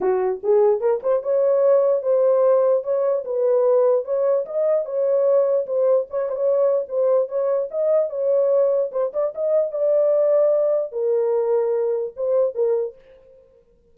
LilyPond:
\new Staff \with { instrumentName = "horn" } { \time 4/4 \tempo 4 = 148 fis'4 gis'4 ais'8 c''8 cis''4~ | cis''4 c''2 cis''4 | b'2 cis''4 dis''4 | cis''2 c''4 cis''8 c''16 cis''16~ |
cis''4 c''4 cis''4 dis''4 | cis''2 c''8 d''8 dis''4 | d''2. ais'4~ | ais'2 c''4 ais'4 | }